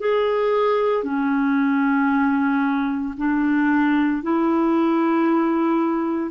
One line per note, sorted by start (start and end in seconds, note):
0.00 1.04 G#4
1.04 3.14 C#4
3.18 4.22 D4
4.22 6.31 E4